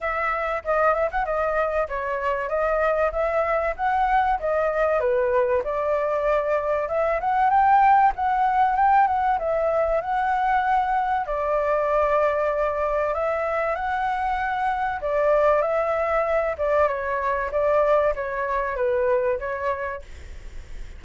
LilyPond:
\new Staff \with { instrumentName = "flute" } { \time 4/4 \tempo 4 = 96 e''4 dis''8 e''16 fis''16 dis''4 cis''4 | dis''4 e''4 fis''4 dis''4 | b'4 d''2 e''8 fis''8 | g''4 fis''4 g''8 fis''8 e''4 |
fis''2 d''2~ | d''4 e''4 fis''2 | d''4 e''4. d''8 cis''4 | d''4 cis''4 b'4 cis''4 | }